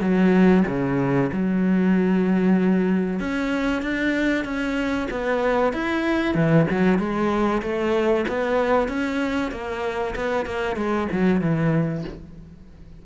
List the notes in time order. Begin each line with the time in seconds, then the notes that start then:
0.00 F#3
0.67 C#3
1.32 F#3
3.20 C#4
3.82 D4
4.44 C#4
5.10 B3
5.72 E4
6.34 E3
6.70 F#3
6.98 G#3
7.62 A3
8.28 B3
8.88 C#4
9.51 A#3
10.15 B3
10.46 A#3
10.76 G#3
11.11 F#3
11.41 E3